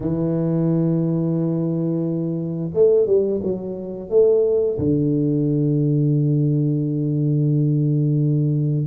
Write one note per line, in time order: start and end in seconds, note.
0.00 2.70 E3
2.73 3.06 A3
3.06 3.40 G3
3.42 4.09 F#3
4.09 4.77 A3
4.78 8.86 D3